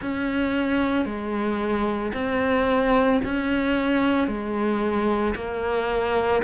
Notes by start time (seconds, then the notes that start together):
0.01 C#4
1.05 G#3
2.13 C4
3.24 C#4
4.27 G#3
5.35 A#3